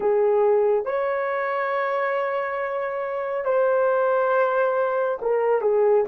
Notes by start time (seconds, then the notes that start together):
0.00 G#4
0.85 C#5
3.44 C5
5.21 A#4
5.61 G#4